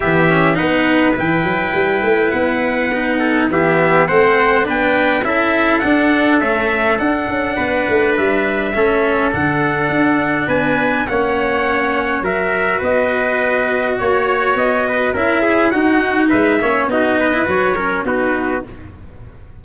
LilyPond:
<<
  \new Staff \with { instrumentName = "trumpet" } { \time 4/4 \tempo 4 = 103 e''4 fis''4 g''2 | fis''2 e''4 fis''4 | g''4 e''4 fis''4 e''4 | fis''2 e''2 |
fis''2 gis''4 fis''4~ | fis''4 e''4 dis''2 | cis''4 dis''4 e''4 fis''4 | e''4 dis''4 cis''4 b'4 | }
  \new Staff \with { instrumentName = "trumpet" } { \time 4/4 g'4 b'2.~ | b'4. a'8 g'4 c''4 | b'4 a'2.~ | a'4 b'2 a'4~ |
a'2 b'4 cis''4~ | cis''4 ais'4 b'2 | cis''4. b'8 ais'8 gis'8 fis'4 | b'8 cis''8 fis'8 b'4 ais'8 fis'4 | }
  \new Staff \with { instrumentName = "cello" } { \time 4/4 b8 cis'8 dis'4 e'2~ | e'4 dis'4 b4 c'4 | d'4 e'4 d'4 a4 | d'2. cis'4 |
d'2. cis'4~ | cis'4 fis'2.~ | fis'2 e'4 dis'4~ | dis'8 cis'8 dis'8. e'16 fis'8 cis'8 dis'4 | }
  \new Staff \with { instrumentName = "tuba" } { \time 4/4 e4 b4 e8 fis8 g8 a8 | b2 e4 a4 | b4 cis'4 d'4 cis'4 | d'8 cis'8 b8 a8 g4 a4 |
d4 d'4 b4 ais4~ | ais4 fis4 b2 | ais4 b4 cis'4 dis'4 | gis8 ais8 b4 fis4 b4 | }
>>